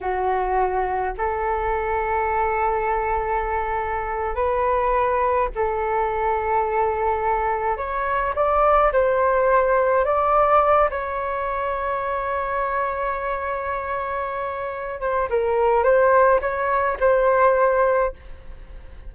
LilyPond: \new Staff \with { instrumentName = "flute" } { \time 4/4 \tempo 4 = 106 fis'2 a'2~ | a'2.~ a'8. b'16~ | b'4.~ b'16 a'2~ a'16~ | a'4.~ a'16 cis''4 d''4 c''16~ |
c''4.~ c''16 d''4. cis''8.~ | cis''1~ | cis''2~ cis''8 c''8 ais'4 | c''4 cis''4 c''2 | }